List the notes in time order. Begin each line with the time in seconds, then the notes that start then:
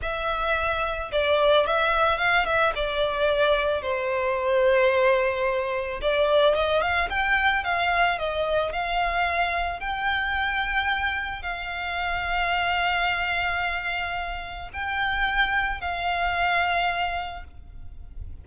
0.02 E5
1.12 D5
1.66 E5
2.17 F5
2.45 E5
2.75 D5
3.82 C5
6.01 D5
6.55 D#5
6.81 F5
7.09 G5
7.64 F5
8.18 D#5
8.72 F5
9.80 G5
11.42 F5
14.73 G5
15.81 F5